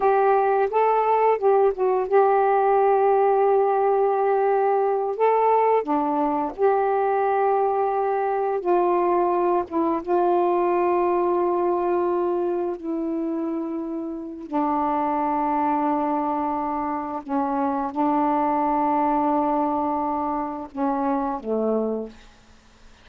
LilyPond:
\new Staff \with { instrumentName = "saxophone" } { \time 4/4 \tempo 4 = 87 g'4 a'4 g'8 fis'8 g'4~ | g'2.~ g'8 a'8~ | a'8 d'4 g'2~ g'8~ | g'8 f'4. e'8 f'4.~ |
f'2~ f'8 e'4.~ | e'4 d'2.~ | d'4 cis'4 d'2~ | d'2 cis'4 a4 | }